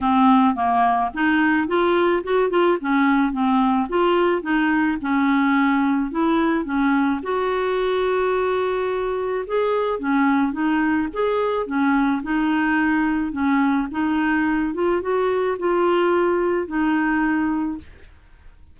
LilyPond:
\new Staff \with { instrumentName = "clarinet" } { \time 4/4 \tempo 4 = 108 c'4 ais4 dis'4 f'4 | fis'8 f'8 cis'4 c'4 f'4 | dis'4 cis'2 e'4 | cis'4 fis'2.~ |
fis'4 gis'4 cis'4 dis'4 | gis'4 cis'4 dis'2 | cis'4 dis'4. f'8 fis'4 | f'2 dis'2 | }